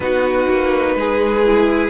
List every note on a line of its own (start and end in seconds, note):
0.00 0.47 B3
0.00 1.44 D#4
0.00 0.96 F#4
0.00 1.89 B4
0.48 0.95 A#3
0.95 1.89 G#3
0.95 1.89 G#4
1.44 1.89 E4